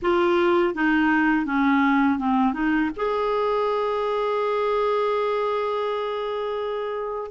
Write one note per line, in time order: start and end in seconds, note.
0.02 0.74 F4
0.74 1.45 D#4
1.45 2.19 C#4
2.19 2.53 C4
2.53 2.90 D#4
2.96 7.31 G#4